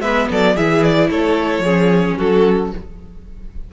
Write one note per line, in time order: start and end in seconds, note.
0.00 0.27 G#3
0.00 0.56 B3
0.00 0.29 B4
0.00 0.29 E5
0.31 0.57 F#3
0.31 0.56 A4
0.31 0.57 D5
0.56 1.11 E3
0.56 1.65 E4
0.56 1.09 G#4
0.56 0.83 E5
0.83 1.10 D5
1.10 1.60 A3
1.10 1.64 A4
1.10 2.18 C#5
1.60 2.13 F3
1.60 2.73 C#4
1.60 2.18 G#4
2.18 2.74 F#3
2.18 2.71 F#4
2.18 2.73 A4